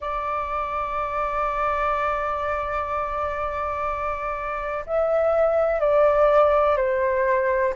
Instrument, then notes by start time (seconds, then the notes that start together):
flute
0.00 D5
4.86 E5
5.79 D5
6.77 C5